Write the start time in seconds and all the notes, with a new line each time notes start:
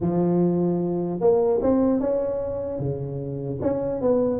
0.00 F3
1.20 A#3
1.61 C4
2.00 C#4
2.79 C#3
3.61 C#4
4.01 B3